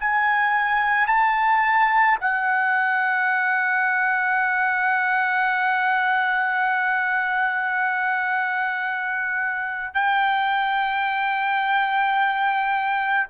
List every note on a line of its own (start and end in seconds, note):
0.00 1.07 G#5
1.07 2.18 A5
2.20 9.94 F#5
9.94 13.28 G5